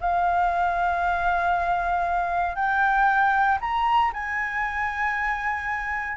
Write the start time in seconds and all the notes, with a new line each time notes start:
0.00 F5
2.55 G5
3.60 A#5
4.13 G#5